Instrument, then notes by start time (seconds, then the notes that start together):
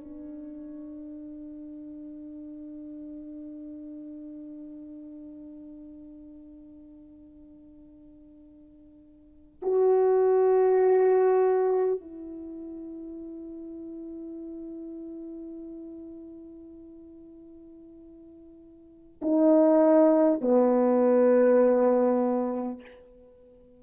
horn
0.00 D4
9.62 F#4
12.00 E4
19.21 D#4
20.41 B3